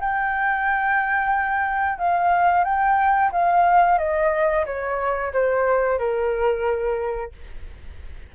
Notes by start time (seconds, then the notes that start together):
0.00 G5
1.98 F5
2.64 G5
3.31 F5
3.98 D#5
4.65 C#5
5.33 C5
5.98 A#4